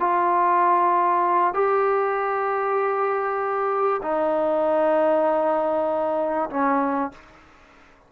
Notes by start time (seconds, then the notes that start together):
0.00 F4
1.54 G4
4.03 D#4
6.50 C#4